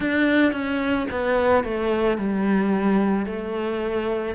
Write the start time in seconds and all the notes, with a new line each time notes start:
0.00 D4
0.52 C#4
1.10 B3
1.64 A3
2.17 G3
3.26 A3